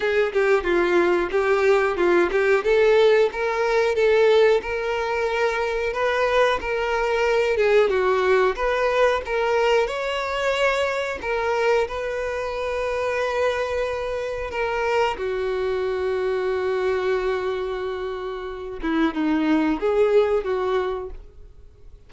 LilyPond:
\new Staff \with { instrumentName = "violin" } { \time 4/4 \tempo 4 = 91 gis'8 g'8 f'4 g'4 f'8 g'8 | a'4 ais'4 a'4 ais'4~ | ais'4 b'4 ais'4. gis'8 | fis'4 b'4 ais'4 cis''4~ |
cis''4 ais'4 b'2~ | b'2 ais'4 fis'4~ | fis'1~ | fis'8 e'8 dis'4 gis'4 fis'4 | }